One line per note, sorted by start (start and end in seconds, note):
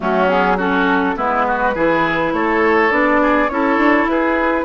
0.00 1.17 F#3
0.00 0.28 A3
0.00 0.57 C#4
0.00 0.28 F#4
0.28 0.57 B3
0.28 0.58 G#4
0.57 1.15 C#4
0.57 1.15 F#4
0.57 1.17 A4
1.15 1.75 G#3
1.15 1.73 B3
1.15 1.45 E4
1.15 2.33 B4
1.47 1.74 F#4
1.74 2.32 E3
1.74 2.90 E4
1.74 2.33 G#4
2.32 2.90 A3
2.32 3.21 A4
2.32 2.91 C#5
2.90 3.49 B3
2.90 3.48 D4
2.90 3.48 D5
3.21 3.50 G#4
3.48 3.77 C#4
3.48 4.64 E4
3.48 4.11 A4
3.48 4.07 C#5
3.77 4.06 D4
4.06 4.64 E4
4.06 4.64 G#4
4.06 4.64 B4